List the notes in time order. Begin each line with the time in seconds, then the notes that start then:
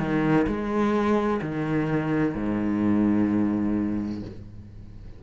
0.00 D#3
0.47 G#3
1.42 D#3
2.35 G#2